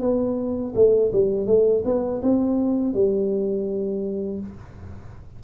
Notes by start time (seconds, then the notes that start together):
0.00 B3
0.75 A3
1.12 G3
1.46 A3
1.85 B3
2.22 C4
2.93 G3